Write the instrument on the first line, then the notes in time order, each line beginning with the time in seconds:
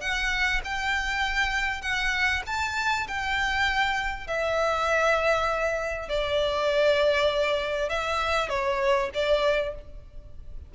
violin
0.00 F#5
0.64 G5
1.81 F#5
2.46 A5
3.07 G5
4.27 E5
6.08 D5
7.89 E5
8.49 C#5
9.14 D5